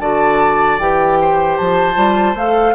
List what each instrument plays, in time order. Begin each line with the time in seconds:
0.00 bassoon D3, clarinet F#4, oboe D5, flute A5
0.79 bassoon E3, clarinet G4, flute G5
1.21 oboe C5
1.58 bassoon F3, flute A5
1.95 bassoon G3, clarinet F4
2.35 bassoon A3, clarinet A4, flute F5